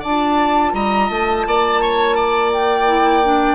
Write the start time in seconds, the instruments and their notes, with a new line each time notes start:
0.00 bassoon D4, clarinet F4, oboe D5, flute A5
0.73 bassoon G3, oboe D#5, flute A#5
1.10 bassoon A3, flute A5
1.47 bassoon A#3, oboe D5
1.81 oboe C#5
2.16 oboe D5
2.53 flute G5
2.87 clarinet E4
3.24 clarinet D4